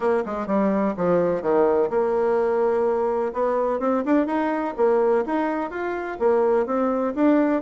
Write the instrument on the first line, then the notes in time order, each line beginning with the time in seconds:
bassoon
0.00 A#3
0.25 G#3
0.47 G3
0.97 F3
1.42 D#3
1.90 A#3
3.33 B3
3.79 C4
4.05 D4
4.26 D#4
4.77 A#3
5.25 D#4
5.70 F4
6.19 A#3
6.66 C4
7.15 D4